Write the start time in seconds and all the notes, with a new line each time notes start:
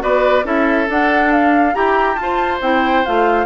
0.00 B3 F#4 B4 D5
0.45 C#4 E4 A4 E5
0.89 D4 F#5
1.32 F5
1.74 E4 G4 A#5
2.16 F4 A5
2.23 C5
2.62 C4 E4 G5
3.06 A3 F4 F5